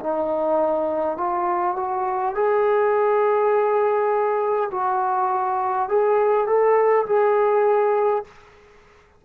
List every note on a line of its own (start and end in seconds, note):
0.00 1.18 D#4
1.18 1.76 F4
1.76 2.35 F#4
2.35 4.71 G#4
4.72 5.89 F#4
5.89 6.47 G#4
6.47 7.06 A4
7.06 8.24 G#4